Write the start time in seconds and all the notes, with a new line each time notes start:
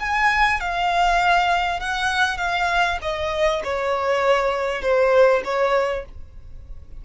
0.00 G#5
0.60 F5
1.80 F#5
2.38 F5
3.02 D#5
3.64 C#5
4.82 C5
5.44 C#5